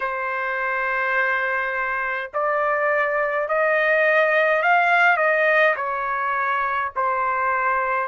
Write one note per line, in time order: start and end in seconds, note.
0.00 2.31 C5
2.33 3.48 D5
3.48 4.62 D#5
4.62 5.17 F5
5.17 5.74 D#5
5.75 6.91 C#5
6.95 8.08 C5